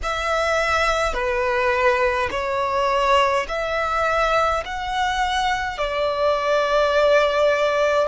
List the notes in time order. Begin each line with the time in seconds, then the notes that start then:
0.03 E5
1.13 B4
2.31 C#5
3.48 E5
4.65 F#5
5.77 D5